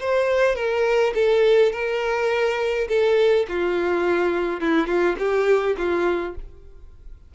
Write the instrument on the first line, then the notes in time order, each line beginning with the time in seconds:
violin
0.00 C5
0.56 A#4
1.15 A4
1.72 A#4
2.89 A4
3.49 F4
4.60 E4
4.87 F4
5.19 G4
5.77 F4